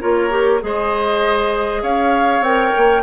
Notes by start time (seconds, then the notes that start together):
0.00 A#3 F4 A#4 C#5
0.30 G4
0.61 G#3 G#4 C5 D#5
1.82 C#4 C#5 F5
2.40 C4 A#4 G5
2.77 A#3